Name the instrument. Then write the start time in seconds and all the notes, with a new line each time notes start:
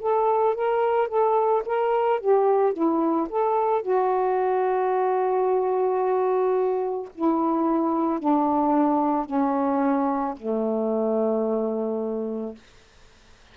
saxophone
0.00 A4
0.55 A#4
1.08 A4
1.66 A#4
2.20 G4
2.73 E4
3.29 A4
3.82 F#4
7.15 E4
8.19 D4
9.25 C#4
10.37 A3